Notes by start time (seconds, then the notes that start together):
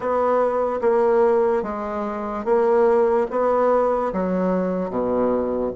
0.00 B3
0.81 A#3
1.63 G#3
2.44 A#3
3.30 B3
4.12 F#3
4.89 B2